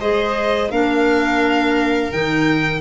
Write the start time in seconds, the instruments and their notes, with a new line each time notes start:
0.00 tuba G#3, clarinet G#4, viola C5, violin D#5
0.71 tuba A#3, clarinet D4, viola A#4, violin F5
2.12 tuba D#3, clarinet D#4, violin G5